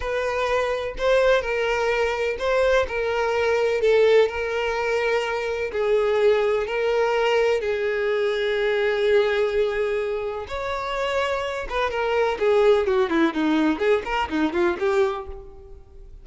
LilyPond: \new Staff \with { instrumentName = "violin" } { \time 4/4 \tempo 4 = 126 b'2 c''4 ais'4~ | ais'4 c''4 ais'2 | a'4 ais'2. | gis'2 ais'2 |
gis'1~ | gis'2 cis''2~ | cis''8 b'8 ais'4 gis'4 fis'8 e'8 | dis'4 gis'8 ais'8 dis'8 f'8 g'4 | }